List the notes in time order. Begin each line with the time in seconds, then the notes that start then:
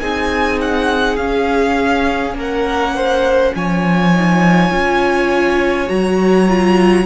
0.00 C4 D#4 G#4 G#5
0.61 F#5
1.17 C#4 F5
2.34 A#3 A#4 F#5
2.95 C5
3.55 F3 C#5 G#5
4.14 D#4
4.71 C#4 F4
5.88 F#3 F#4 A#5
6.49 F4